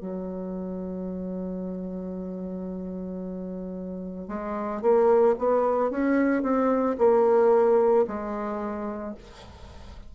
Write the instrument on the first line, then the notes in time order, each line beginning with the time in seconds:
bassoon
0.00 F#3
4.28 G#3
4.81 A#3
5.39 B3
5.90 C#4
6.42 C4
6.98 A#3
8.07 G#3